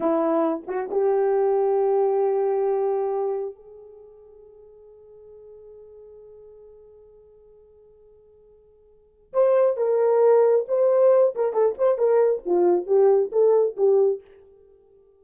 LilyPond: \new Staff \with { instrumentName = "horn" } { \time 4/4 \tempo 4 = 135 e'4. fis'8 g'2~ | g'1 | gis'1~ | gis'1~ |
gis'1~ | gis'4 c''4 ais'2 | c''4. ais'8 a'8 c''8 ais'4 | f'4 g'4 a'4 g'4 | }